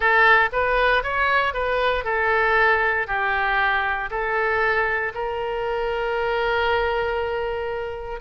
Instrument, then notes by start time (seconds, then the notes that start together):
oboe
0.00 A4
0.52 B4
1.03 C#5
1.53 B4
2.04 A4
3.07 G4
4.10 A4
5.14 A#4